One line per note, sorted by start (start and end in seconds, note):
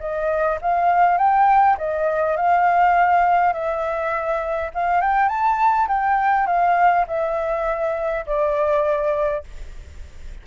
0.00 0.59 D#5
0.61 1.18 F5
1.18 1.77 G5
1.78 2.37 D#5
2.37 3.53 F5
3.53 4.71 E5
4.75 5.01 F5
5.01 5.29 G5
5.29 5.88 A5
5.88 6.47 G5
6.47 7.06 F5
7.08 8.25 E5
8.26 9.44 D5